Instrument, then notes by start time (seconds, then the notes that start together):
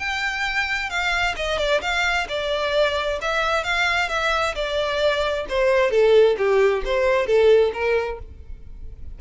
violin
0.00 G5
0.90 F5
1.37 D#5
1.59 D5
1.82 F5
2.29 D5
3.22 E5
3.64 F5
4.10 E5
4.55 D5
5.49 C5
5.91 A4
6.38 G4
6.85 C5
7.27 A4
7.74 A#4